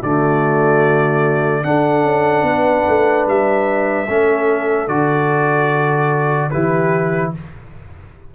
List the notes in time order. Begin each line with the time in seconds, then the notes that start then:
0.00 D3 A3 F#4 D5
1.64 D4 A4 F#5
2.03 C#4
2.42 B3 B4
2.88 A3
3.27 G3 E5
4.08 A3 C#4 A4
4.87 D3 F#4 D5
6.50 E3 E4 G4 B4